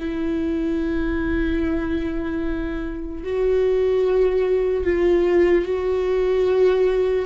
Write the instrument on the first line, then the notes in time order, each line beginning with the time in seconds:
viola
0.00 E4
3.24 F#4
4.84 F4
5.65 F#4